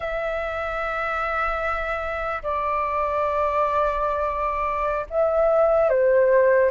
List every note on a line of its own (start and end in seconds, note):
0.00 2.42 E5
2.43 5.06 D5
5.09 5.89 E5
5.89 6.70 C5